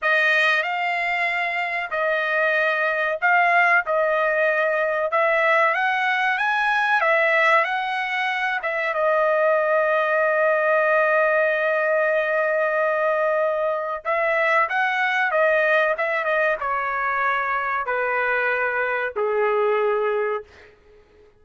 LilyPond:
\new Staff \with { instrumentName = "trumpet" } { \time 4/4 \tempo 4 = 94 dis''4 f''2 dis''4~ | dis''4 f''4 dis''2 | e''4 fis''4 gis''4 e''4 | fis''4. e''8 dis''2~ |
dis''1~ | dis''2 e''4 fis''4 | dis''4 e''8 dis''8 cis''2 | b'2 gis'2 | }